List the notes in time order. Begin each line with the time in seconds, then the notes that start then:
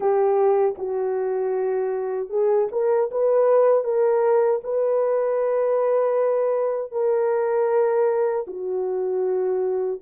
0.00 G4
0.77 F#4
2.29 G#4
2.71 A#4
3.11 B4
3.84 A#4
4.63 B4
6.91 A#4
8.47 F#4